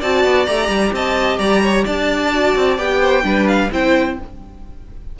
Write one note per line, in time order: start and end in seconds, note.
0.00 0.24 C4
0.00 0.47 F#4
0.00 0.92 D5
0.00 0.46 A5
0.24 0.47 B3
0.46 0.68 A3
0.46 2.31 G4
0.46 0.92 A#5
0.68 0.91 G3
0.92 1.38 C4
0.92 1.39 D#5
0.92 1.38 A5
1.38 1.85 G3
1.38 1.62 D5
1.38 1.84 A#5
1.63 1.84 C#5
1.84 2.56 D4
1.84 2.99 D5
1.84 2.78 A5
2.33 2.77 F#4
2.56 2.78 C4
2.77 3.23 B3
2.77 3.23 G4
2.77 3.47 G5
3.00 3.23 C5
3.23 3.69 G3
3.23 3.69 D4
3.23 3.71 B4
3.47 3.70 F5
3.72 4.18 C4
3.72 4.18 E4
3.72 4.20 C5
3.72 4.19 G5